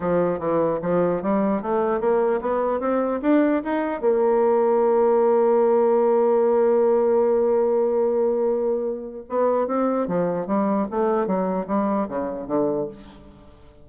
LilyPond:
\new Staff \with { instrumentName = "bassoon" } { \time 4/4 \tempo 4 = 149 f4 e4 f4 g4 | a4 ais4 b4 c'4 | d'4 dis'4 ais2~ | ais1~ |
ais1~ | ais2. b4 | c'4 f4 g4 a4 | fis4 g4 cis4 d4 | }